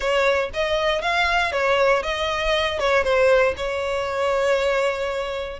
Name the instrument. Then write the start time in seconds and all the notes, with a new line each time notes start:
violin
0.00 C#5
0.53 D#5
1.01 F5
1.51 C#5
2.02 D#5
2.79 C#5
3.03 C5
3.56 C#5